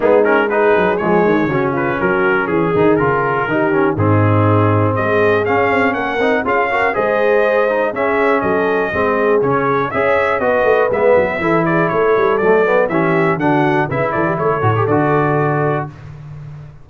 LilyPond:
<<
  \new Staff \with { instrumentName = "trumpet" } { \time 4/4 \tempo 4 = 121 gis'8 ais'8 b'4 cis''4. b'8 | ais'4 gis'4 ais'2 | gis'2 dis''4 f''4 | fis''4 f''4 dis''2 |
e''4 dis''2 cis''4 | e''4 dis''4 e''4. d''8 | cis''4 d''4 e''4 fis''4 | e''8 d''8 cis''4 d''2 | }
  \new Staff \with { instrumentName = "horn" } { \time 4/4 dis'4 gis'2 fis'8 f'8 | fis'4 gis'2 g'4 | dis'2 gis'2 | ais'4 gis'8 ais'8 c''2 |
gis'4 a'4 gis'2 | cis''4 b'2 a'8 gis'8 | a'2 g'4 fis'4 | b'8 a'16 g'16 a'2. | }
  \new Staff \with { instrumentName = "trombone" } { \time 4/4 b8 cis'8 dis'4 gis4 cis'4~ | cis'4. dis'8 f'4 dis'8 cis'8 | c'2. cis'4~ | cis'8 dis'8 f'8 fis'8 gis'4. dis'8 |
cis'2 c'4 cis'4 | gis'4 fis'4 b4 e'4~ | e'4 a8 b8 cis'4 d'4 | e'4. fis'16 g'16 fis'2 | }
  \new Staff \with { instrumentName = "tuba" } { \time 4/4 gis4. fis8 f8 dis8 cis4 | fis4 e8 dis8 cis4 dis4 | gis,2 gis4 cis'8 c'8 | ais8 c'8 cis'4 gis2 |
cis'4 fis4 gis4 cis4 | cis'4 b8 a8 gis8 fis8 e4 | a8 g8 fis4 e4 d4 | cis8 e8 a8 a,8 d2 | }
>>